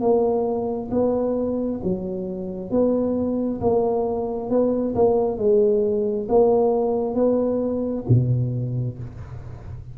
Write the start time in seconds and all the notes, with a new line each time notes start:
0.00 A#3
0.91 B3
1.83 F#3
2.70 B3
3.60 A#3
4.49 B3
4.95 A#3
5.38 G#3
6.28 A#3
7.14 B3
8.08 B2